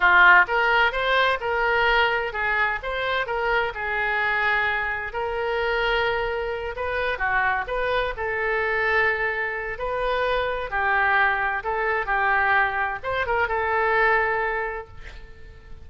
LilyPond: \new Staff \with { instrumentName = "oboe" } { \time 4/4 \tempo 4 = 129 f'4 ais'4 c''4 ais'4~ | ais'4 gis'4 c''4 ais'4 | gis'2. ais'4~ | ais'2~ ais'8 b'4 fis'8~ |
fis'8 b'4 a'2~ a'8~ | a'4 b'2 g'4~ | g'4 a'4 g'2 | c''8 ais'8 a'2. | }